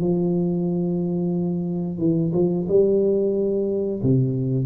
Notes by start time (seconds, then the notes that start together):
0.00 F3
1.98 E3
2.33 F3
2.68 G3
4.03 C3